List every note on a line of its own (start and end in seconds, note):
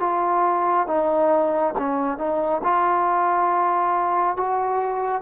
0.00 0.87 F4
0.87 1.74 D#4
1.78 2.18 C#4
2.18 2.62 D#4
2.64 4.37 F4
4.37 5.22 F#4